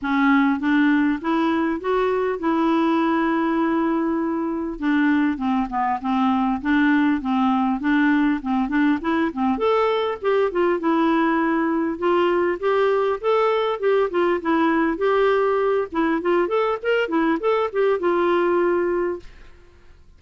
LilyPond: \new Staff \with { instrumentName = "clarinet" } { \time 4/4 \tempo 4 = 100 cis'4 d'4 e'4 fis'4 | e'1 | d'4 c'8 b8 c'4 d'4 | c'4 d'4 c'8 d'8 e'8 c'8 |
a'4 g'8 f'8 e'2 | f'4 g'4 a'4 g'8 f'8 | e'4 g'4. e'8 f'8 a'8 | ais'8 e'8 a'8 g'8 f'2 | }